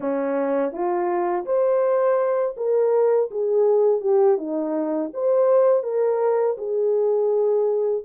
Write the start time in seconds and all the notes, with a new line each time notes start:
0.00 C#4
0.72 F4
1.45 C5
2.56 A#4
3.31 G#4
4.00 G4
4.37 D#4
5.13 C5
5.83 A#4
6.57 G#4